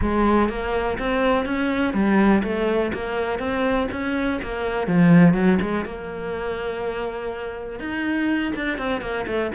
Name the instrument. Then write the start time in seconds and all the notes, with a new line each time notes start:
cello
0.01 G#3
0.49 A#3
0.98 C4
1.45 C#4
1.93 G3
2.43 A3
2.93 A#3
3.39 C4
3.91 C#4
4.42 A#3
4.87 F3
5.33 F#3
5.61 G#3
5.85 A#3
7.79 D#4
8.55 D4
8.77 C4
9.01 A#3
9.26 A3